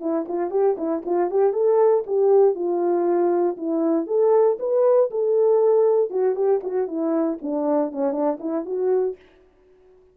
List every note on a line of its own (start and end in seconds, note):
0.00 0.25 E4
0.28 0.51 F4
0.51 0.76 G4
0.77 1.03 E4
1.05 1.30 F4
1.30 1.53 G4
1.53 2.04 A4
2.06 2.55 G4
2.55 3.56 F4
3.57 4.07 E4
4.07 4.57 A4
4.59 5.10 B4
5.11 6.10 A4
6.10 6.35 F#4
6.35 6.61 G4
6.63 6.87 F#4
6.87 7.38 E4
7.42 7.92 D4
7.92 8.12 C#4
8.12 8.38 D4
8.40 8.65 E4
8.65 9.16 F#4